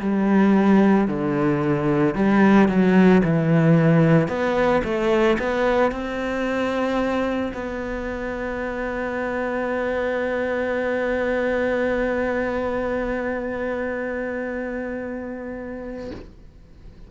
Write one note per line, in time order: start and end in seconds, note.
0.00 1.07 G3
1.07 2.14 D3
2.15 2.68 G3
2.68 3.22 F#3
3.24 4.28 E3
4.28 4.81 B3
4.84 5.37 A3
5.38 5.91 B3
5.91 7.52 C4
7.53 16.11 B3